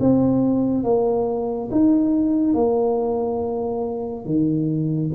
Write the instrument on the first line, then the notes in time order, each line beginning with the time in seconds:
tuba
0.00 C4
0.83 A#3
1.71 D#4
2.54 A#3
4.25 D#3